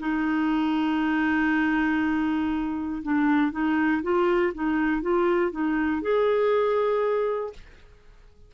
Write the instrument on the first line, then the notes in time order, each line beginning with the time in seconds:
clarinet
0.00 D#4
3.03 D4
3.52 D#4
4.03 F4
4.54 D#4
5.02 F4
5.52 D#4
6.02 G#4